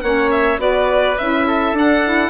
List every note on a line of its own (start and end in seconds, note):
0.00 0.58 A#3
0.00 0.57 C#4
0.00 0.60 C#5
0.00 0.29 F#5
0.31 0.59 E5
0.57 1.16 B3
0.57 1.15 F#4
0.57 1.47 B4
0.57 1.18 D5
1.18 1.72 C#4
1.18 1.74 E4
1.18 1.75 E5
1.47 2.30 A4
1.72 2.30 D4
1.72 2.03 D4
1.72 2.30 F#5
2.04 2.30 E4